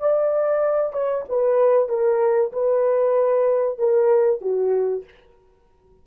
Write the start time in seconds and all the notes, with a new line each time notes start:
0.00 D5
0.93 C#5
1.29 B4
1.89 A#4
2.53 B4
3.79 A#4
4.42 F#4